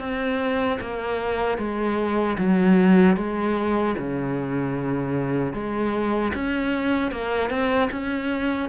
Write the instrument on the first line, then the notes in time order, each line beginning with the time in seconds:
cello
0.00 C4
0.80 A#3
1.58 G#3
2.38 F#3
3.17 G#3
3.98 C#3
5.54 G#3
6.35 C#4
7.12 A#3
7.50 C4
7.91 C#4